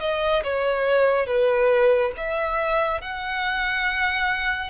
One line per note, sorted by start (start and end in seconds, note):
0.00 0.43 D#5
0.44 1.27 C#5
1.27 2.12 B4
2.17 3.01 E5
3.01 4.70 F#5